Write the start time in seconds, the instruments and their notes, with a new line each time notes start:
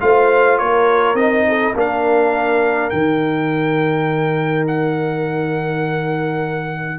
0.00 tuba A3, trombone F4, horn C5, trumpet F5
0.58 tuba A#3, horn A#4, trumpet C#5
1.14 tuba C4, trombone D#4, trumpet D#5
1.48 horn A4
1.75 tuba A#3, trombone D4, horn A#4, trumpet F5
2.90 tuba D#3, trombone D#4, trumpet G5
4.67 trumpet F#5